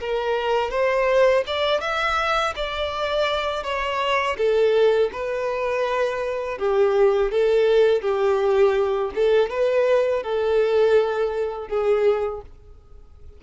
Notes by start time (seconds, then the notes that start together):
0.00 A#4
0.70 C5
1.46 D5
1.80 E5
2.56 D5
3.63 C#5
4.37 A4
5.12 B4
6.58 G4
7.31 A4
8.02 G4
9.15 A4
9.50 B4
10.23 A4
11.68 G#4